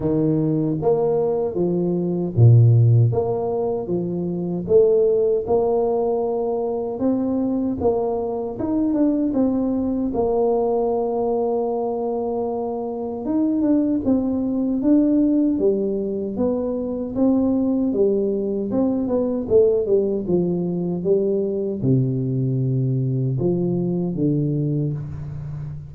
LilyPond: \new Staff \with { instrumentName = "tuba" } { \time 4/4 \tempo 4 = 77 dis4 ais4 f4 ais,4 | ais4 f4 a4 ais4~ | ais4 c'4 ais4 dis'8 d'8 | c'4 ais2.~ |
ais4 dis'8 d'8 c'4 d'4 | g4 b4 c'4 g4 | c'8 b8 a8 g8 f4 g4 | c2 f4 d4 | }